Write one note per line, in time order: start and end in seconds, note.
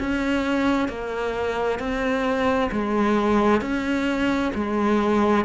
0.00 0.89 C#4
0.89 1.80 A#3
1.80 2.71 C4
2.72 3.62 G#3
3.62 4.52 C#4
4.55 5.45 G#3